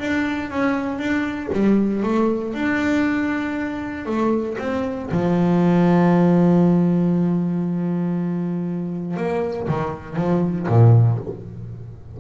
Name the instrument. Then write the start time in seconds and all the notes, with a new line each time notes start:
double bass
0.00 D4
0.51 C#4
0.99 D4
1.53 G3
2.04 A3
2.54 D4
4.06 A3
4.59 C4
5.12 F3
9.17 A#3
9.68 D#3
10.16 F3
10.68 A#2